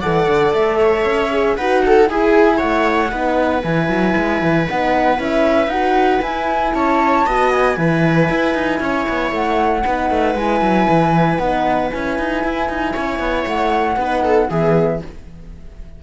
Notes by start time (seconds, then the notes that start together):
0.00 E3 A4 D5 F#5
0.27 D3
0.53 A3 E5
0.78 C#5
1.05 C#4
1.31 G#4
1.56 D#4 F#4 B4 F#5
1.86 A4
2.06 E4 G#4 G#5
2.57 A3 C#5 F#5
3.10 B3 D#4 B4
3.63 E3 E4 G#5
3.88 F#3
4.16 G#3
4.42 E3
4.68 B3 D#4 F#5
5.16 C#4 E4
5.22 E5
5.67 D#4 F#4 F#5
6.22 E4 G#5
6.74 C#4 C#5 A5
7.26 B3 F#4 D#5
7.52 G#5
7.76 E3 E4 B4
8.29 E4
8.54 D#4
8.80 C#4 C#5
9.09 B3
9.31 A3 F#5
9.83 B3 D#4 B4
10.10 A3
10.35 G#3 E4 G#5
10.61 F#3
10.88 E3
11.38 B3 D#4 F#5
11.90 C#4 E4 G#5
12.19 D#4
12.44 E4
12.69 D#4
12.93 C#4 C#5
13.19 B3
13.46 A3 F#5
13.96 B3 D#4 B4
14.23 A4
14.49 E3 B3 G#4 E5